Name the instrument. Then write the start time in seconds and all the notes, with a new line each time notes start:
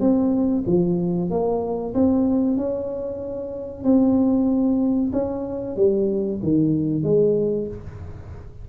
tuba
0.00 C4
0.66 F3
1.30 A#3
1.94 C4
2.57 C#4
3.84 C4
5.12 C#4
5.76 G3
6.42 D#3
7.03 G#3